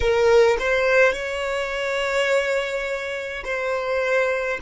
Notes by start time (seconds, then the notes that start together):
0.00 A#4
0.59 C5
1.13 C#5
3.44 C5